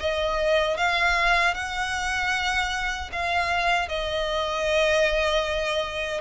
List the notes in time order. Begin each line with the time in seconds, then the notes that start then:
0.00 D#5
0.77 F5
1.54 F#5
3.12 F5
3.89 D#5